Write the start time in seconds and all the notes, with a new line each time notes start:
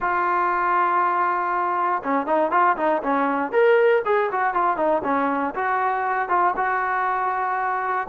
0.00 F4
2.03 C#4
2.26 D#4
2.51 F4
2.76 D#4
3.03 C#4
3.52 A#4
4.05 G#4
4.31 F#4
4.54 F4
4.76 D#4
5.04 C#4
5.55 F#4
6.29 F4
6.56 F#4